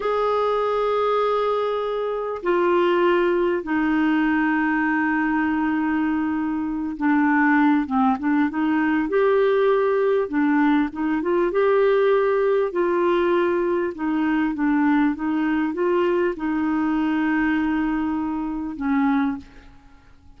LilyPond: \new Staff \with { instrumentName = "clarinet" } { \time 4/4 \tempo 4 = 99 gis'1 | f'2 dis'2~ | dis'2.~ dis'8 d'8~ | d'4 c'8 d'8 dis'4 g'4~ |
g'4 d'4 dis'8 f'8 g'4~ | g'4 f'2 dis'4 | d'4 dis'4 f'4 dis'4~ | dis'2. cis'4 | }